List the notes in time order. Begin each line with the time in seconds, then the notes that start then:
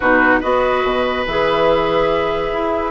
0.00 B2 D#4 F#4 B4
0.40 B3 F#4 B4 D#5
0.84 B2
1.26 E3 G#4 E5
2.52 E4